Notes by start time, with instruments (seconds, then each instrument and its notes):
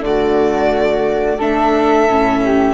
0.00 bassoon D3, viola A3, flute F#4, violin D5
1.38 bassoon A3, viola D4, flute A4, violin E5
2.08 bassoon A2, viola C#4
2.45 flute G4